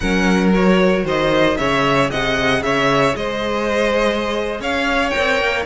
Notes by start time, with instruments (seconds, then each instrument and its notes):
0.00 cello F#3, viola C#4, violin A#4 F#5
0.54 viola F#4, violin C#5
1.04 cello D#3, violin C5 D#5
1.57 cello C#3, viola G#4, violin C#5 E5
2.10 cello C3, violin D#5 F#5
2.61 cello C#3, violin C#5 E5
3.15 cello G#3, violin C5 D#5
4.59 cello C#4, violin C#5 F5
5.10 viola A#4, violin G5
5.17 cello C4
5.40 cello A#3